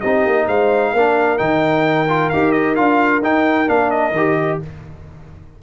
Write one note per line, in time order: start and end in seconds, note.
0.00 0.25 C4
0.00 0.96 D#4
0.00 0.46 G4
0.00 0.46 D#5
0.25 0.47 A#3
0.47 0.93 G#3
0.47 0.93 C5
0.47 1.38 F5
0.93 1.39 A#3
0.93 1.38 D4
0.93 4.60 A#4
1.38 2.31 D#3
1.38 2.06 D#4
1.38 2.29 G5
2.09 2.31 F4
2.29 2.79 D#4
2.29 2.76 G4
2.29 2.51 F5
2.51 2.74 D#5
2.75 3.22 D4
2.75 3.22 F4
2.75 3.21 F5
3.22 3.68 D#4
3.22 3.66 D#4
3.22 3.69 G5
3.66 4.11 A#3
3.66 4.12 D4
3.66 3.90 F5
3.90 4.59 D#5
4.11 4.57 D#3
4.11 4.62 G4